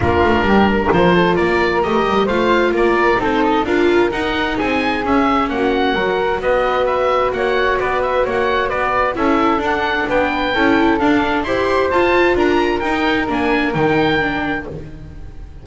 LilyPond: <<
  \new Staff \with { instrumentName = "oboe" } { \time 4/4 \tempo 4 = 131 ais'2 c''4 d''4 | dis''4 f''4 d''4 c''8 dis''8 | f''4 fis''4 gis''4 e''4 | fis''2 dis''4 e''4 |
fis''4 d''8 e''8 fis''4 d''4 | e''4 fis''4 g''2 | f''4 c'''4 a''4 ais''4 | g''4 gis''4 g''2 | }
  \new Staff \with { instrumentName = "flute" } { \time 4/4 f'4 g'8 ais'4 a'8 ais'4~ | ais'4 c''4 ais'4 a'4 | ais'2 gis'2 | fis'4 ais'4 b'2 |
cis''4 b'4 cis''4 b'4 | a'2 b'4 a'4~ | a'4 c''2 ais'4~ | ais'1 | }
  \new Staff \with { instrumentName = "viola" } { \time 4/4 d'2 f'2 | g'4 f'2 dis'4 | f'4 dis'2 cis'4~ | cis'4 fis'2.~ |
fis'1 | e'4 d'2 e'4 | d'4 g'4 f'2 | dis'4 d'4 dis'4 d'4 | }
  \new Staff \with { instrumentName = "double bass" } { \time 4/4 ais8 a8 g4 f4 ais4 | a8 g8 a4 ais4 c'4 | d'4 dis'4 c'4 cis'4 | ais4 fis4 b2 |
ais4 b4 ais4 b4 | cis'4 d'4 b4 cis'4 | d'4 e'4 f'4 d'4 | dis'4 ais4 dis2 | }
>>